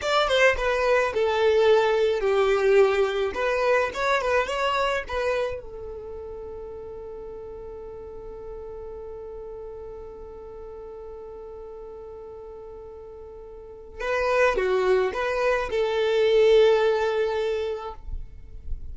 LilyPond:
\new Staff \with { instrumentName = "violin" } { \time 4/4 \tempo 4 = 107 d''8 c''8 b'4 a'2 | g'2 b'4 cis''8 b'8 | cis''4 b'4 a'2~ | a'1~ |
a'1~ | a'1~ | a'4 b'4 fis'4 b'4 | a'1 | }